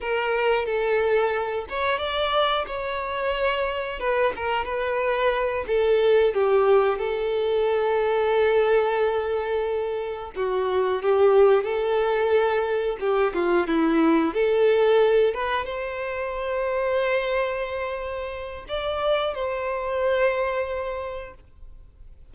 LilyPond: \new Staff \with { instrumentName = "violin" } { \time 4/4 \tempo 4 = 90 ais'4 a'4. cis''8 d''4 | cis''2 b'8 ais'8 b'4~ | b'8 a'4 g'4 a'4.~ | a'2.~ a'8 fis'8~ |
fis'8 g'4 a'2 g'8 | f'8 e'4 a'4. b'8 c''8~ | c''1 | d''4 c''2. | }